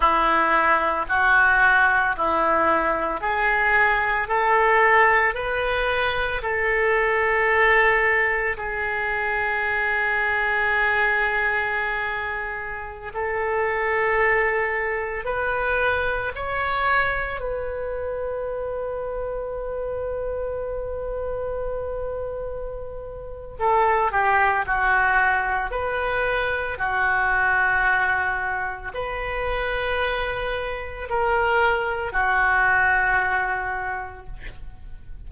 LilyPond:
\new Staff \with { instrumentName = "oboe" } { \time 4/4 \tempo 4 = 56 e'4 fis'4 e'4 gis'4 | a'4 b'4 a'2 | gis'1~ | gis'16 a'2 b'4 cis''8.~ |
cis''16 b'2.~ b'8.~ | b'2 a'8 g'8 fis'4 | b'4 fis'2 b'4~ | b'4 ais'4 fis'2 | }